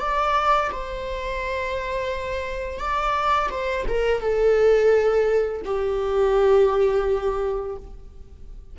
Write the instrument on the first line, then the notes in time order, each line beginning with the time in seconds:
viola
0.00 D5
0.72 C5
2.79 D5
3.51 C5
3.89 A#4
4.21 A4
5.65 G4